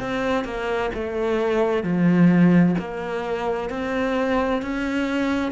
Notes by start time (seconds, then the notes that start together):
0.00 C4
0.44 A#3
0.94 A3
1.83 F3
2.78 A#3
3.70 C4
4.62 C#4